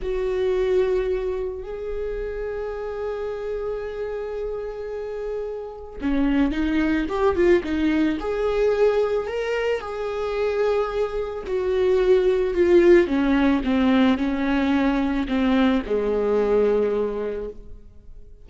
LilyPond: \new Staff \with { instrumentName = "viola" } { \time 4/4 \tempo 4 = 110 fis'2. gis'4~ | gis'1~ | gis'2. cis'4 | dis'4 g'8 f'8 dis'4 gis'4~ |
gis'4 ais'4 gis'2~ | gis'4 fis'2 f'4 | cis'4 c'4 cis'2 | c'4 gis2. | }